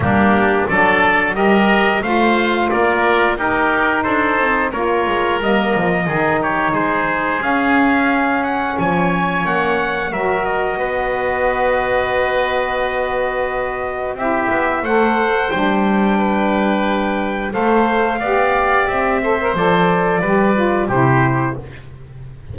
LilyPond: <<
  \new Staff \with { instrumentName = "trumpet" } { \time 4/4 \tempo 4 = 89 g'4 d''4 dis''4 f''4 | d''4 ais'4 c''4 cis''4 | dis''4. cis''8 c''4 f''4~ | f''8 fis''8 gis''4 fis''4 e''8 dis''8~ |
dis''1~ | dis''4 e''4 fis''4 g''4~ | g''2 f''2 | e''4 d''2 c''4 | }
  \new Staff \with { instrumentName = "oboe" } { \time 4/4 d'4 a'4 ais'4 c''4 | ais'4 g'4 a'4 ais'4~ | ais'4 gis'8 g'8 gis'2~ | gis'4 cis''2 ais'4 |
b'1~ | b'4 g'4 c''2 | b'2 c''4 d''4~ | d''8 c''4. b'4 g'4 | }
  \new Staff \with { instrumentName = "saxophone" } { \time 4/4 ais4 d'4 g'4 f'4~ | f'4 dis'2 f'4 | ais4 dis'2 cis'4~ | cis'2. fis'4~ |
fis'1~ | fis'4 e'4 a'4 d'4~ | d'2 a'4 g'4~ | g'8 a'16 ais'16 a'4 g'8 f'8 e'4 | }
  \new Staff \with { instrumentName = "double bass" } { \time 4/4 g4 fis4 g4 a4 | ais4 dis'4 d'8 c'8 ais8 gis8 | g8 f8 dis4 gis4 cis'4~ | cis'4 f4 ais4 fis4 |
b1~ | b4 c'8 b8 a4 g4~ | g2 a4 b4 | c'4 f4 g4 c4 | }
>>